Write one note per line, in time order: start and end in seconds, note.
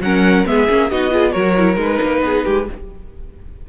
0.00 0.44 F#3
0.00 0.46 C#4
0.00 0.48 A#4
0.00 0.46 F#5
0.46 0.69 G#3
0.46 0.68 B3
0.46 0.91 G#4
0.46 0.90 E5
0.69 0.91 A#3
0.69 0.91 C#4
0.90 1.35 B3
0.90 1.11 D#4
0.90 1.13 F#4
0.90 1.32 D#5
1.11 1.33 F4
1.11 1.32 G#4
1.32 1.77 F#3
1.32 1.55 F#4
1.32 2.21 A#4
1.32 1.76 C#5
1.57 1.76 E4
1.76 1.99 G#3
1.76 2.65 D#4
1.76 2.69 B4
2.02 2.22 A#3
2.22 2.44 B3
2.22 2.45 G#4
2.45 2.69 G#3
2.45 2.67 G4